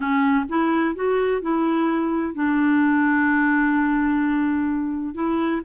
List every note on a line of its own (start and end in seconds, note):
0.00 0.45 C#4
0.48 0.95 E4
0.95 1.41 F#4
1.41 2.34 E4
2.34 5.14 D4
5.14 5.61 E4